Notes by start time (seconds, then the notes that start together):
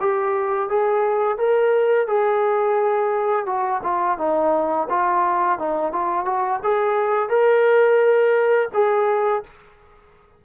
0.00 G4
0.69 G#4
1.38 A#4
2.07 G#4
3.46 F#4
3.83 F4
4.18 D#4
4.90 F4
5.59 D#4
5.92 F4
6.25 F#4
6.63 G#4
7.29 A#4
8.73 G#4